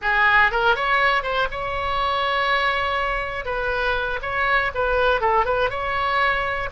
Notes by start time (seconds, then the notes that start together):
0.01 G#4
0.51 A#4
0.75 C#5
1.22 C5
1.51 C#5
3.45 B4
4.22 C#5
4.74 B4
5.20 A4
5.45 B4
5.70 C#5